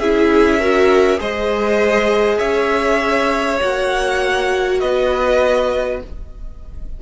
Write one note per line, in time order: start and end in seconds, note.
0.00 1.21 C#4
0.00 0.61 E4
0.00 0.59 G#4
0.00 1.20 E5
0.59 1.17 F#4
0.59 1.19 A#4
1.17 2.41 G#3
1.17 3.57 G#4
1.17 2.38 C5
1.17 2.39 D#5
2.38 3.61 C#4
2.38 4.78 C#5
2.38 3.59 E5
3.60 4.82 A#3
3.60 6.00 F#4
3.60 4.80 F#5
4.80 6.03 B3
4.80 6.01 B4
4.80 6.00 D#5